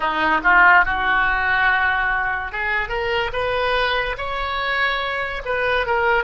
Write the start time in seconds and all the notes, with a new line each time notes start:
0.00 D#4
0.43 F4
0.85 F#4
2.52 G#4
2.89 A#4
3.33 B4
4.17 C#5
5.45 B4
5.86 A#4